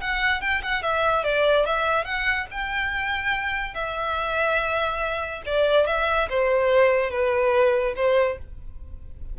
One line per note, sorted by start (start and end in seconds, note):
0.00 0.40 F#5
0.40 0.61 G5
0.62 0.82 F#5
0.82 1.23 E5
1.23 1.65 D5
1.65 2.04 E5
2.04 2.46 F#5
2.51 3.74 G5
3.74 5.42 E5
5.45 5.86 D5
5.86 6.28 E5
6.29 7.10 C5
7.10 7.94 B4
7.95 8.37 C5